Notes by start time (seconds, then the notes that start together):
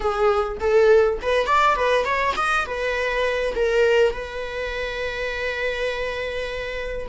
0.00 G#4
0.60 A4
1.22 B4
1.46 D5
1.75 B4
2.04 C#5
2.36 D#5
2.66 B4
3.55 A#4
4.13 B4